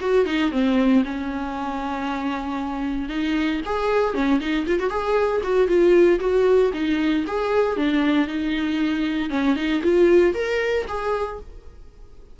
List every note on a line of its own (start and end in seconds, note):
0.00 0.25 F#4
0.25 0.51 D#4
0.51 1.03 C4
1.04 3.09 C#4
3.09 3.60 D#4
3.65 4.14 G#4
4.14 4.40 C#4
4.40 4.66 D#4
4.66 4.79 F4
4.79 4.89 F#4
4.89 5.41 G#4
5.43 5.67 F#4
5.67 6.19 F4
6.20 6.71 F#4
6.73 7.25 D#4
7.27 7.76 G#4
7.76 8.27 D4
8.27 9.29 D#4
9.29 9.55 C#4
9.55 9.81 D#4
9.83 10.34 F4
10.34 10.86 A#4
10.87 11.39 G#4